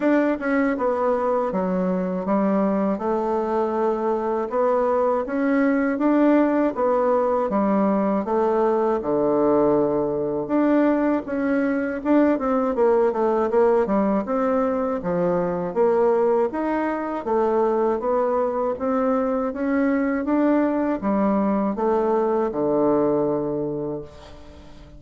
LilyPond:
\new Staff \with { instrumentName = "bassoon" } { \time 4/4 \tempo 4 = 80 d'8 cis'8 b4 fis4 g4 | a2 b4 cis'4 | d'4 b4 g4 a4 | d2 d'4 cis'4 |
d'8 c'8 ais8 a8 ais8 g8 c'4 | f4 ais4 dis'4 a4 | b4 c'4 cis'4 d'4 | g4 a4 d2 | }